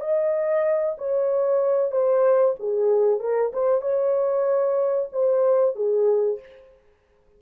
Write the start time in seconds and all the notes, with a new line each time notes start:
0.00 D#5
0.98 C#5
1.91 C5
2.59 G#4
3.19 A#4
3.53 C5
3.81 C#5
5.12 C5
5.75 G#4